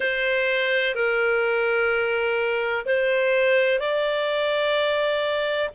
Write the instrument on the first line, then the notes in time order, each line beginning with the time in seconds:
clarinet
0.00 C5
0.94 A#4
2.85 C5
3.79 D5